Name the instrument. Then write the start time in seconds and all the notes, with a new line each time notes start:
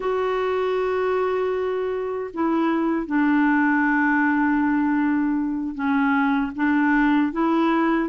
clarinet
0.00 F#4
2.33 E4
3.06 D4
5.74 C#4
6.55 D4
7.32 E4